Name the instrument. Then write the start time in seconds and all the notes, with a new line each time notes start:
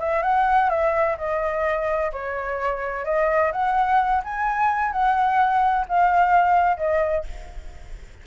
flute
0.00 E5
0.23 F#5
0.70 E5
1.18 D#5
2.13 C#5
3.05 D#5
3.53 F#5
4.24 G#5
4.92 F#5
5.88 F5
6.78 D#5